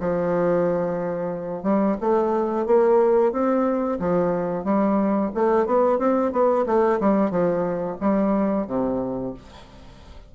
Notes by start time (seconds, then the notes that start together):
0.00 F3
1.63 G3
2.01 A3
2.66 A#3
3.32 C4
3.99 F3
4.64 G3
5.35 A3
5.66 B3
5.99 C4
6.32 B3
6.66 A3
7.00 G3
7.31 F3
8.01 G3
8.67 C3